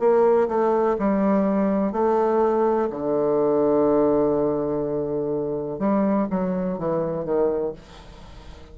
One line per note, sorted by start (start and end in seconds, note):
0.00 0.48 A#3
0.49 0.97 A3
0.99 1.93 G3
1.93 2.89 A3
2.91 5.79 D3
5.79 6.28 G3
6.30 6.79 F#3
6.79 7.25 E3
7.25 7.74 D#3